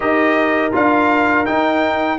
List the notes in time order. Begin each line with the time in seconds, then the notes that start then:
0.00 D#4 G4 A#4 D#5
0.72 D4 F4 F5
1.45 D#4 G5